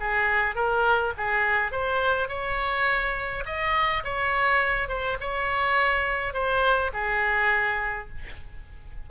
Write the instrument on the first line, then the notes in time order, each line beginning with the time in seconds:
oboe
0.00 G#4
0.55 A#4
1.17 G#4
1.72 C5
2.28 C#5
3.46 D#5
4.04 C#5
4.88 C5
5.21 C#5
6.34 C5
6.93 G#4